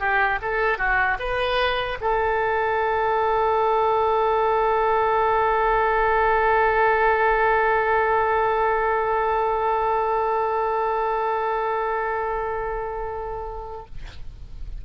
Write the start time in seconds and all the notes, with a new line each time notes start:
0.00 G4
0.42 A4
0.78 F#4
1.19 B4
2.01 A4